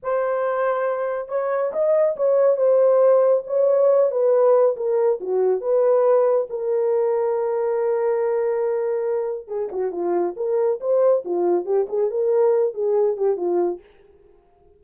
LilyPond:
\new Staff \with { instrumentName = "horn" } { \time 4/4 \tempo 4 = 139 c''2. cis''4 | dis''4 cis''4 c''2 | cis''4. b'4. ais'4 | fis'4 b'2 ais'4~ |
ais'1~ | ais'2 gis'8 fis'8 f'4 | ais'4 c''4 f'4 g'8 gis'8 | ais'4. gis'4 g'8 f'4 | }